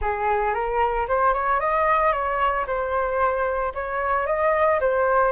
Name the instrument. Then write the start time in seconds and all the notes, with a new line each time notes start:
flute
0.01 G#4
0.53 A#4
1.08 C5
1.33 C#5
1.60 D#5
2.12 C#5
2.66 C5
3.74 C#5
4.26 D#5
4.80 C5